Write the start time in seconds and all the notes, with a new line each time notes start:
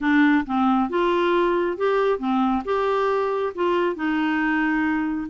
0.00 D4
0.46 C4
0.89 F4
1.77 G4
2.18 C4
2.65 G4
3.55 F4
3.95 D#4